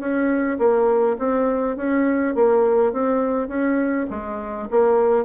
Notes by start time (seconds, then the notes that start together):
0.00 C#4
0.59 A#3
1.19 C4
1.77 C#4
2.35 A#3
2.93 C4
3.48 C#4
4.10 G#3
4.71 A#3